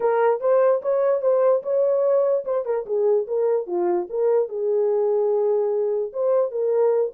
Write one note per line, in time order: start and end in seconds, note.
0.00 0.40 A#4
0.40 0.81 C5
0.81 1.21 C#5
1.21 1.62 C5
1.62 2.44 C#5
2.45 2.65 C5
2.65 2.85 A#4
2.86 3.27 G#4
3.27 3.66 A#4
3.66 4.07 F4
4.09 4.48 A#4
4.48 6.12 G#4
6.12 6.51 C5
6.51 7.12 A#4